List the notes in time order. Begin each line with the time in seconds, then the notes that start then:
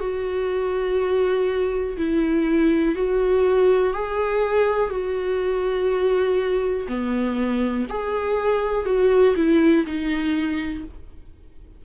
0.00 F#4
1.97 E4
2.95 F#4
3.93 G#4
4.90 F#4
6.88 B3
7.89 G#4
8.85 F#4
9.36 E4
9.86 D#4